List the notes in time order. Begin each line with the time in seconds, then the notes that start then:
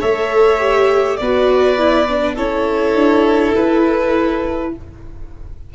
0.00 A3 A4 C#5 E5
0.58 G4
1.16 B3 B4 D5
1.23 F#4
1.77 E4
2.08 D4
2.34 C#4 E4 A4 C#5
2.94 D4
3.55 E4 B4